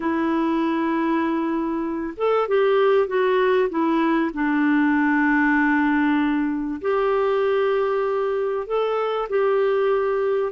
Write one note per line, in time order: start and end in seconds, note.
0.00 2.13 E4
2.16 2.47 A4
2.47 3.07 G4
3.07 3.69 F#4
3.69 4.31 E4
4.33 6.80 D4
6.81 8.66 G4
8.66 9.28 A4
9.29 10.52 G4